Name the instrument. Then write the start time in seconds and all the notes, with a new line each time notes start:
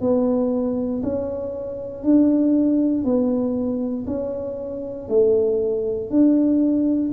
tuba
0.00 B3
1.03 C#4
2.03 D4
3.04 B3
4.06 C#4
5.08 A3
6.10 D4